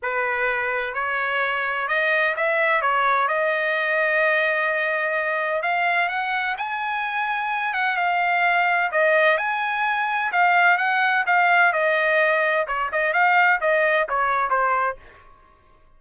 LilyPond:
\new Staff \with { instrumentName = "trumpet" } { \time 4/4 \tempo 4 = 128 b'2 cis''2 | dis''4 e''4 cis''4 dis''4~ | dis''1 | f''4 fis''4 gis''2~ |
gis''8 fis''8 f''2 dis''4 | gis''2 f''4 fis''4 | f''4 dis''2 cis''8 dis''8 | f''4 dis''4 cis''4 c''4 | }